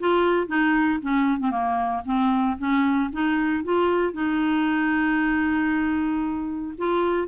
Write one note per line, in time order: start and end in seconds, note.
0.00 0.48 F4
0.48 1.00 D#4
1.02 1.40 C#4
1.40 1.51 C4
1.51 2.03 A#3
2.06 2.58 C4
2.59 3.11 C#4
3.13 3.64 D#4
3.64 4.14 F4
4.14 6.74 D#4
6.78 7.28 F4